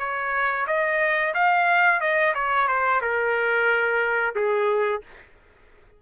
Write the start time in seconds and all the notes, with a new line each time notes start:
0.00 C#5
0.68 D#5
1.35 F5
2.01 D#5
2.35 C#5
2.68 C5
3.02 A#4
4.36 G#4